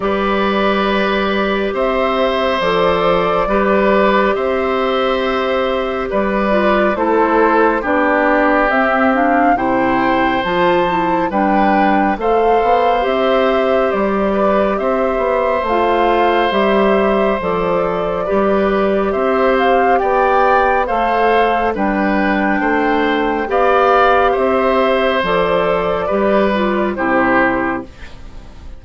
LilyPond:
<<
  \new Staff \with { instrumentName = "flute" } { \time 4/4 \tempo 4 = 69 d''2 e''4 d''4~ | d''4 e''2 d''4 | c''4 d''4 e''8 f''8 g''4 | a''4 g''4 f''4 e''4 |
d''4 e''4 f''4 e''4 | d''2 e''8 f''8 g''4 | f''4 g''2 f''4 | e''4 d''2 c''4 | }
  \new Staff \with { instrumentName = "oboe" } { \time 4/4 b'2 c''2 | b'4 c''2 b'4 | a'4 g'2 c''4~ | c''4 b'4 c''2~ |
c''8 b'8 c''2.~ | c''4 b'4 c''4 d''4 | c''4 b'4 c''4 d''4 | c''2 b'4 g'4 | }
  \new Staff \with { instrumentName = "clarinet" } { \time 4/4 g'2. a'4 | g'2.~ g'8 f'8 | e'4 d'4 c'8 d'8 e'4 | f'8 e'8 d'4 a'4 g'4~ |
g'2 f'4 g'4 | a'4 g'2. | a'4 d'2 g'4~ | g'4 a'4 g'8 f'8 e'4 | }
  \new Staff \with { instrumentName = "bassoon" } { \time 4/4 g2 c'4 f4 | g4 c'2 g4 | a4 b4 c'4 c4 | f4 g4 a8 b8 c'4 |
g4 c'8 b8 a4 g4 | f4 g4 c'4 b4 | a4 g4 a4 b4 | c'4 f4 g4 c4 | }
>>